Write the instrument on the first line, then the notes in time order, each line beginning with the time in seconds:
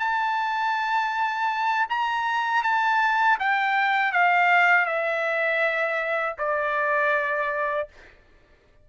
trumpet
0.00 A5
1.90 A#5
2.64 A5
3.40 G5
4.12 F5
4.86 E5
6.39 D5